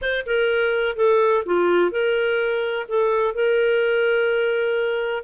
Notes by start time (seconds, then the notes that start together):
0.01 C5
0.26 A#4
0.96 A4
1.45 F4
1.91 A#4
2.88 A4
3.34 A#4